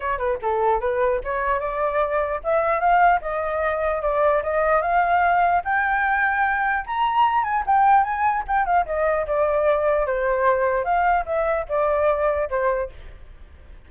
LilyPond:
\new Staff \with { instrumentName = "flute" } { \time 4/4 \tempo 4 = 149 cis''8 b'8 a'4 b'4 cis''4 | d''2 e''4 f''4 | dis''2 d''4 dis''4 | f''2 g''2~ |
g''4 ais''4. gis''8 g''4 | gis''4 g''8 f''8 dis''4 d''4~ | d''4 c''2 f''4 | e''4 d''2 c''4 | }